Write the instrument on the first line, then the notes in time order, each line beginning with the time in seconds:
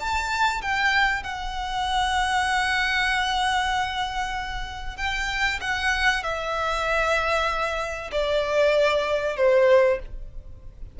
violin
0.00 A5
0.61 G5
1.23 F#5
4.97 G5
5.61 F#5
6.23 E5
8.12 D5
9.36 C5